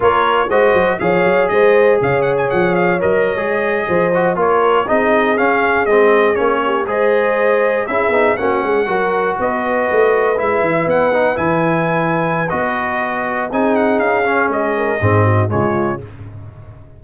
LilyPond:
<<
  \new Staff \with { instrumentName = "trumpet" } { \time 4/4 \tempo 4 = 120 cis''4 dis''4 f''4 dis''4 | f''8 fis''16 gis''16 fis''8 f''8 dis''2~ | dis''8. cis''4 dis''4 f''4 dis''16~ | dis''8. cis''4 dis''2 e''16~ |
e''8. fis''2 dis''4~ dis''16~ | dis''8. e''4 fis''4 gis''4~ gis''16~ | gis''4 dis''2 gis''8 fis''8 | f''4 dis''2 cis''4 | }
  \new Staff \with { instrumentName = "horn" } { \time 4/4 ais'4 c''4 cis''4 c''4 | cis''2.~ cis''8. c''16~ | c''8. ais'4 gis'2~ gis'16~ | gis'4~ gis'16 g'8 c''2 gis'16~ |
gis'8. fis'8 gis'8 ais'4 b'4~ b'16~ | b'1~ | b'2. gis'4~ | gis'4. ais'8 gis'8 fis'8 f'4 | }
  \new Staff \with { instrumentName = "trombone" } { \time 4/4 f'4 fis'4 gis'2~ | gis'2 ais'8. gis'4~ gis'16~ | gis'16 fis'8 f'4 dis'4 cis'4 c'16~ | c'8. cis'4 gis'2 e'16~ |
e'16 dis'8 cis'4 fis'2~ fis'16~ | fis'8. e'4. dis'8 e'4~ e'16~ | e'4 fis'2 dis'4~ | dis'8 cis'4. c'4 gis4 | }
  \new Staff \with { instrumentName = "tuba" } { \time 4/4 ais4 gis8 fis8 f8 fis8 gis4 | cis4 f4 fis8. gis4 f16~ | f8. ais4 c'4 cis'4 gis16~ | gis8. ais4 gis2 cis'16~ |
cis'16 b8 ais8 gis8 fis4 b4 a16~ | a8. gis8 e8 b4 e4~ e16~ | e4 b2 c'4 | cis'4 gis4 gis,4 cis4 | }
>>